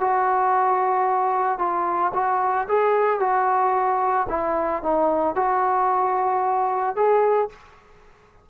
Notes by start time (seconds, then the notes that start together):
0.00 F#4
1.59 F4
2.14 F#4
2.68 G#4
3.20 F#4
4.29 E4
4.82 D#4
5.35 F#4
6.96 G#4